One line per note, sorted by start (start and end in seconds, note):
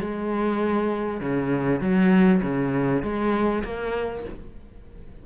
0.00 1.20 G#3
1.20 1.80 C#3
1.80 2.41 F#3
2.42 3.02 C#3
3.02 3.63 G#3
3.64 4.24 A#3